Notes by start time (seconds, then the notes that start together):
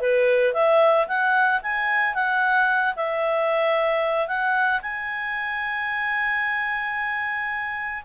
0.00 B4
0.54 E5
1.07 F#5
1.62 G#5
2.14 F#5
2.96 E5
4.27 F#5
4.82 G#5